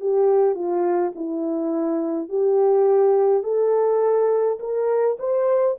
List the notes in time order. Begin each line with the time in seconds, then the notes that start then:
0.00 G4
0.55 F4
1.15 E4
2.29 G4
3.42 A4
4.59 A#4
5.19 C5